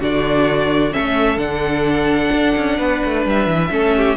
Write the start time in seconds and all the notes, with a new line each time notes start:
0.00 D3 D4 F#4 D5
0.92 C#4 A4 E5
0.98 A3
1.37 D3 D4 F#5
2.33 D4
2.56 C#4
2.78 B3 B4
3.05 A3
3.26 G3 E5
3.47 E3
3.71 A3 C#4 A4
3.97 G4